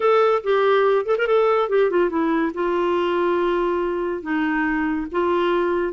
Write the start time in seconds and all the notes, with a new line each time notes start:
0.00 A4
0.43 G4
1.05 A4
1.18 A#4
1.27 A4
1.69 G4
1.90 F4
2.09 E4
2.54 F4
4.22 D#4
5.11 F4